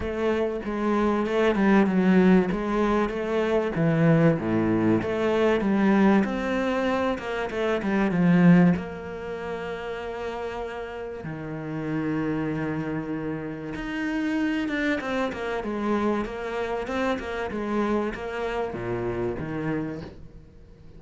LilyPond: \new Staff \with { instrumentName = "cello" } { \time 4/4 \tempo 4 = 96 a4 gis4 a8 g8 fis4 | gis4 a4 e4 a,4 | a4 g4 c'4. ais8 | a8 g8 f4 ais2~ |
ais2 dis2~ | dis2 dis'4. d'8 | c'8 ais8 gis4 ais4 c'8 ais8 | gis4 ais4 ais,4 dis4 | }